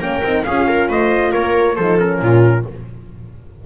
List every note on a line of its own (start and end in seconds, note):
0.00 0.22 A#3
0.00 0.24 C#4
0.00 0.44 A#4
0.00 0.45 G5
0.24 0.45 C4
0.24 0.46 D#4
0.45 0.89 C#4
0.45 1.78 F4
0.45 0.68 G#4
0.45 0.88 F5
0.68 0.90 A#4
0.89 1.33 A3
0.89 1.32 C5
0.89 1.33 D#5
1.32 1.78 A#3
1.32 1.76 A#4
1.32 1.76 C#5
1.76 2.22 F3
1.76 1.98 D#4
1.76 2.20 A4
1.76 1.98 C5
1.98 2.64 C#4
1.98 2.66 A#4
2.22 2.65 A#2
2.22 2.66 F4